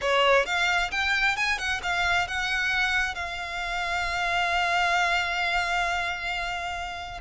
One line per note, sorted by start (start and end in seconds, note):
0.01 0.45 C#5
0.45 0.90 F5
0.91 1.36 G5
1.36 1.58 G#5
1.58 1.80 F#5
1.82 2.27 F5
2.27 3.14 F#5
3.14 7.20 F5